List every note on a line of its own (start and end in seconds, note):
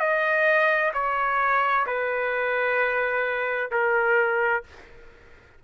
0.00 0.92 D#5
0.94 1.86 C#5
1.87 3.71 B4
3.72 4.64 A#4